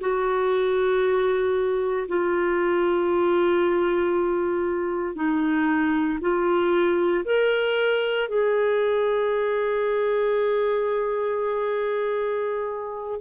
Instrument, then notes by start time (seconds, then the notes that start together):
clarinet
0.00 F#4
2.08 F4
5.15 D#4
6.21 F4
7.25 A#4
8.28 G#4